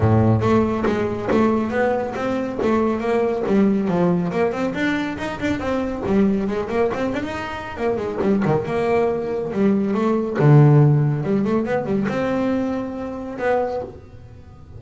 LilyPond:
\new Staff \with { instrumentName = "double bass" } { \time 4/4 \tempo 4 = 139 a,4 a4 gis4 a4 | b4 c'4 a4 ais4 | g4 f4 ais8 c'8 d'4 | dis'8 d'8 c'4 g4 gis8 ais8 |
c'8 d'16 dis'4~ dis'16 ais8 gis8 g8 dis8 | ais2 g4 a4 | d2 g8 a8 b8 g8 | c'2. b4 | }